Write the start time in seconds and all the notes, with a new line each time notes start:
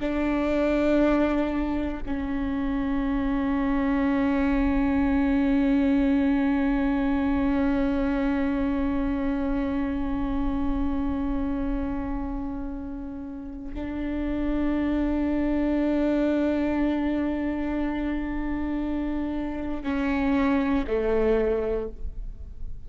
0.00 D4
2.06 C#4
13.74 D4
19.83 C#4
20.87 A3